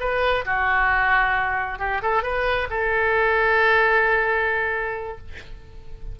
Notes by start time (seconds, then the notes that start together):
0.00 B4
0.45 F#4
1.79 G4
2.02 A4
2.23 B4
2.70 A4